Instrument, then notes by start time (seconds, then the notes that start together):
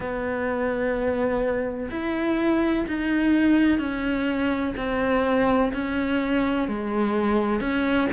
cello
0.00 B3
1.90 E4
2.87 D#4
3.78 C#4
4.77 C4
5.73 C#4
6.68 G#3
7.60 C#4